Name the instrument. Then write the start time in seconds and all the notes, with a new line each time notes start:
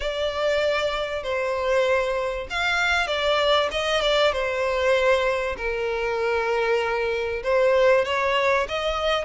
violin
0.00 D5
1.23 C5
2.50 F5
3.07 D5
3.71 D#5
4.01 D5
4.32 C5
5.57 A#4
7.43 C5
8.04 C#5
8.68 D#5